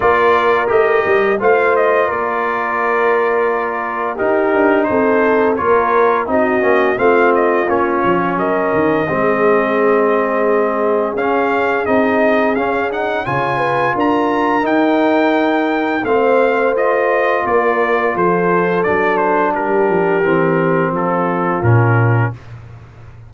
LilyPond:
<<
  \new Staff \with { instrumentName = "trumpet" } { \time 4/4 \tempo 4 = 86 d''4 dis''4 f''8 dis''8 d''4~ | d''2 ais'4 c''4 | cis''4 dis''4 f''8 dis''8 cis''4 | dis''1 |
f''4 dis''4 f''8 fis''8 gis''4 | ais''4 g''2 f''4 | dis''4 d''4 c''4 d''8 c''8 | ais'2 a'4 ais'4 | }
  \new Staff \with { instrumentName = "horn" } { \time 4/4 ais'2 c''4 ais'4~ | ais'2 g'4 a'4 | ais'4 fis'4 f'2 | ais'4 gis'2.~ |
gis'2. cis''8 b'8 | ais'2. c''4~ | c''4 ais'4 a'2 | g'2 f'2 | }
  \new Staff \with { instrumentName = "trombone" } { \time 4/4 f'4 g'4 f'2~ | f'2 dis'2 | f'4 dis'8 cis'8 c'4 cis'4~ | cis'4 c'2. |
cis'4 dis'4 cis'8 dis'8 f'4~ | f'4 dis'2 c'4 | f'2. d'4~ | d'4 c'2 cis'4 | }
  \new Staff \with { instrumentName = "tuba" } { \time 4/4 ais4 a8 g8 a4 ais4~ | ais2 dis'8 d'8 c'4 | ais4 c'8 ais8 a4 ais8 f8 | fis8 dis8 gis2. |
cis'4 c'4 cis'4 cis4 | d'4 dis'2 a4~ | a4 ais4 f4 fis4 | g8 f8 e4 f4 ais,4 | }
>>